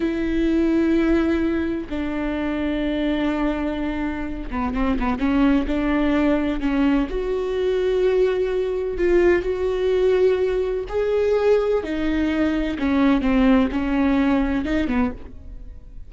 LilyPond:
\new Staff \with { instrumentName = "viola" } { \time 4/4 \tempo 4 = 127 e'1 | d'1~ | d'4. b8 c'8 b8 cis'4 | d'2 cis'4 fis'4~ |
fis'2. f'4 | fis'2. gis'4~ | gis'4 dis'2 cis'4 | c'4 cis'2 dis'8 b8 | }